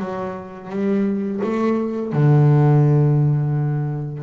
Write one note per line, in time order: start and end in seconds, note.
0.00 0.70 F#3
0.70 1.41 G3
1.44 2.13 A3
2.13 4.23 D3